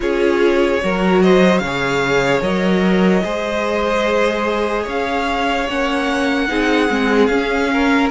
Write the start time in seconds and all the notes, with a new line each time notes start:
0.00 C#4 F4 G#4 C#5
0.82 F#3 F#4 A#4
1.22 C5 D#5
1.58 C#3 C#5 F5
1.66 G#4
2.41 F#3 A#4 D#5
3.23 G#3 G#4 C5
4.83 C#4 C#5 F5
5.68 A#3 C#4 F#5
6.48 C4 D#4 G#4
6.89 G#3 C4
7.26 C#4 F5
7.72 A#4